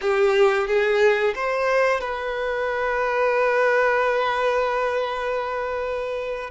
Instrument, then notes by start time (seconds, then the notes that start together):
violin
0.01 G4
0.67 G#4
1.35 C5
2.00 B4